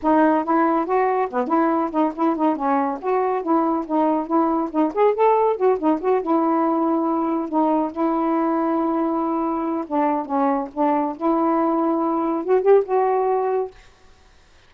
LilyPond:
\new Staff \with { instrumentName = "saxophone" } { \time 4/4 \tempo 4 = 140 dis'4 e'4 fis'4 b8 e'8~ | e'8 dis'8 e'8 dis'8 cis'4 fis'4 | e'4 dis'4 e'4 dis'8 gis'8 | a'4 fis'8 dis'8 fis'8 e'4.~ |
e'4. dis'4 e'4.~ | e'2. d'4 | cis'4 d'4 e'2~ | e'4 fis'8 g'8 fis'2 | }